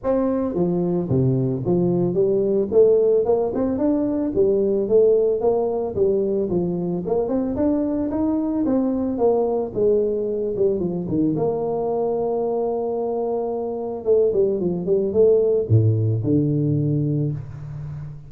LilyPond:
\new Staff \with { instrumentName = "tuba" } { \time 4/4 \tempo 4 = 111 c'4 f4 c4 f4 | g4 a4 ais8 c'8 d'4 | g4 a4 ais4 g4 | f4 ais8 c'8 d'4 dis'4 |
c'4 ais4 gis4. g8 | f8 dis8 ais2.~ | ais2 a8 g8 f8 g8 | a4 a,4 d2 | }